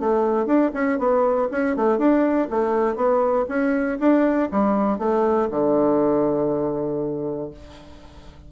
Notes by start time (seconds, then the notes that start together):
0.00 A3
0.46 D4
0.74 C#4
0.99 B3
1.52 C#4
1.77 A3
1.98 D4
2.51 A3
2.96 B3
3.49 C#4
4.00 D4
4.52 G3
4.99 A3
5.51 D3